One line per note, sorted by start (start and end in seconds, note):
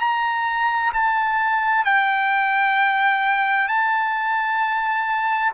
0.00 0.92 A#5
0.94 1.85 A5
1.85 3.68 G5
3.68 5.53 A5